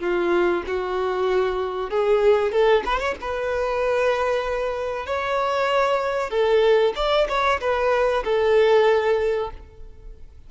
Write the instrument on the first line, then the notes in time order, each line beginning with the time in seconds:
violin
0.00 F4
0.67 F#4
1.90 G#4
2.52 A4
2.86 B4
2.99 C#5
3.21 B4
5.06 C#5
6.30 A4
6.96 D5
7.29 C#5
7.60 B4
8.24 A4